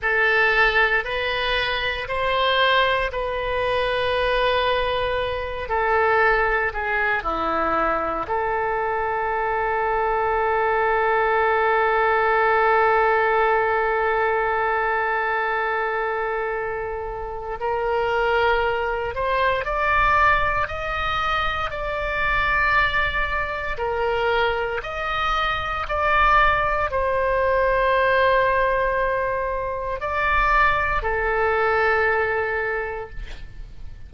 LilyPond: \new Staff \with { instrumentName = "oboe" } { \time 4/4 \tempo 4 = 58 a'4 b'4 c''4 b'4~ | b'4. a'4 gis'8 e'4 | a'1~ | a'1~ |
a'4 ais'4. c''8 d''4 | dis''4 d''2 ais'4 | dis''4 d''4 c''2~ | c''4 d''4 a'2 | }